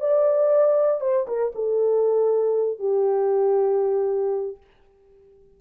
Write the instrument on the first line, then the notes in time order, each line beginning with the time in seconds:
horn
0.00 D5
1.01 C5
1.27 A#4
1.55 A4
2.79 G4